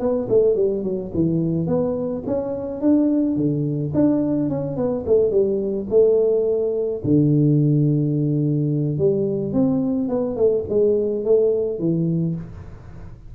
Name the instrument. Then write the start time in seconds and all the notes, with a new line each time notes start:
tuba
0.00 B3
0.29 A3
0.56 G3
0.83 F#3
1.14 E3
1.67 B3
2.27 C#4
2.81 D4
3.36 D3
3.94 D4
4.49 C#4
4.77 B3
5.06 A3
5.31 G3
5.90 A3
7.04 D3
8.98 G3
9.53 C4
10.09 B3
10.36 A3
10.69 G#3
11.25 A3
11.79 E3